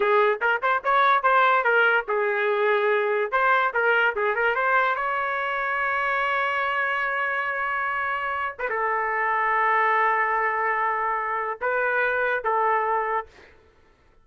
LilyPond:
\new Staff \with { instrumentName = "trumpet" } { \time 4/4 \tempo 4 = 145 gis'4 ais'8 c''8 cis''4 c''4 | ais'4 gis'2. | c''4 ais'4 gis'8 ais'8 c''4 | cis''1~ |
cis''1~ | cis''8. b'16 a'2.~ | a'1 | b'2 a'2 | }